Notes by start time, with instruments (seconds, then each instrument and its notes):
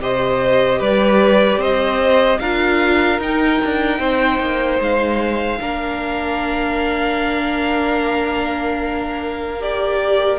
0.00 cello C3, viola G4, violin C5 D#5
0.78 cello G3, violin B4 D5
1.57 cello C4, violin C5 D#5
2.39 cello D4, viola F4, violin A#4 F5
3.19 cello D#4, viola D#4, violin G5
3.64 cello D4
3.99 cello C4, violin C5
4.39 cello A#3
4.79 cello G#3, violin F5
5.59 cello A#3, viola D4, violin A#4
9.59 viola G4, violin D5